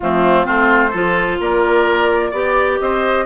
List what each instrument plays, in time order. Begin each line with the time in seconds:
0.00 bassoon F3, clarinet A3, oboe C4, flute F4
0.43 bassoon A3, clarinet C4, oboe F4, flute C5
0.90 bassoon F3, clarinet F4, oboe A4
1.40 bassoon A#3, oboe A#4, flute D5
2.31 bassoon B3, clarinet G4, oboe D5
2.79 bassoon C4, oboe C5, flute D#5